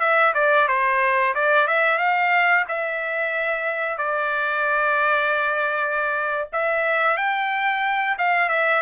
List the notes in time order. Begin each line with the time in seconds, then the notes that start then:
0.00 E5
0.34 D5
0.68 C5
1.35 D5
1.68 E5
1.98 F5
2.68 E5
3.98 D5
6.52 E5
7.17 G5
8.18 F5
8.49 E5